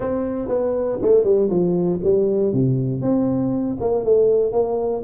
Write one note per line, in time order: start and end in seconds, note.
0.00 0.48 C4
0.48 0.98 B3
1.02 1.24 A3
1.24 1.49 G3
1.49 2.00 F3
2.03 2.53 G3
2.53 3.01 C3
3.01 3.77 C4
3.80 4.04 A#3
4.04 4.52 A3
4.52 5.02 A#3